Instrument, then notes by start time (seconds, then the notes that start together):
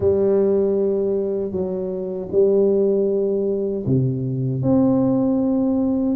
tuba
0.00 G3
1.51 F#3
2.31 G3
3.85 C3
4.62 C4